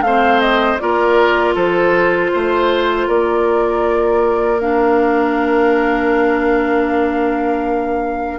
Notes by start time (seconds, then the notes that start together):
0.00 A3 C4 C5 F5
0.40 D#5
0.78 A#3 F4 A#4 D5
1.54 F3 A4 C5
2.34 A3 C5
3.07 A#3 A#4 D5
4.60 D4 F5